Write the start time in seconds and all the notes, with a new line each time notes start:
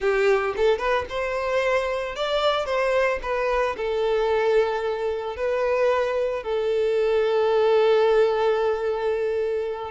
0.00 G4
0.56 A4
0.78 B4
1.09 C5
2.15 D5
2.65 C5
3.22 B4
3.76 A4
5.36 B4
6.43 A4